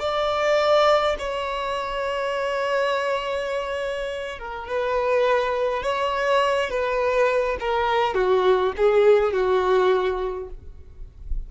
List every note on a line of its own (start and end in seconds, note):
0.00 1.17 D5
1.19 4.39 C#5
4.39 4.68 A#4
4.68 5.83 B4
5.83 6.70 C#5
6.70 7.58 B4
7.61 8.15 A#4
8.15 8.73 F#4
8.77 9.33 G#4
9.33 10.50 F#4